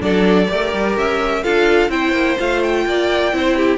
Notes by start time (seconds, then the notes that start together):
0.00 F#3 D4 A4 D5
0.47 A3 G4 A#4
0.73 G3
0.97 C#4 E5
1.43 D4 F4 A4 F5
1.89 C4 E4 C5 G5
2.12 A#3
2.39 A3 F4 F5
2.63 G5
2.86 A#3 D5
3.32 C4 E4 C5
3.56 G4